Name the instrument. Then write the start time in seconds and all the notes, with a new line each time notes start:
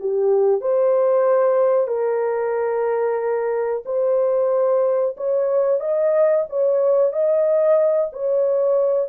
horn
0.00 G4
0.62 C5
1.88 A#4
3.86 C5
5.17 C#5
5.80 D#5
6.50 C#5
7.13 D#5
8.13 C#5